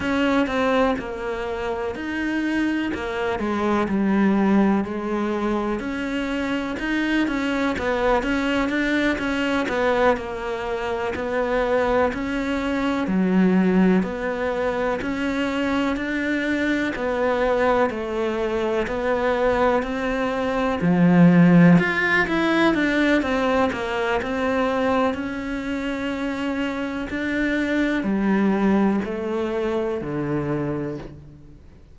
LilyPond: \new Staff \with { instrumentName = "cello" } { \time 4/4 \tempo 4 = 62 cis'8 c'8 ais4 dis'4 ais8 gis8 | g4 gis4 cis'4 dis'8 cis'8 | b8 cis'8 d'8 cis'8 b8 ais4 b8~ | b8 cis'4 fis4 b4 cis'8~ |
cis'8 d'4 b4 a4 b8~ | b8 c'4 f4 f'8 e'8 d'8 | c'8 ais8 c'4 cis'2 | d'4 g4 a4 d4 | }